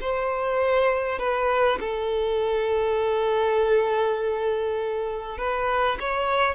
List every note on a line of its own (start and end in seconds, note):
0.00 1.19 C5
1.19 1.79 B4
1.80 5.38 A4
5.38 5.98 B4
6.00 6.55 C#5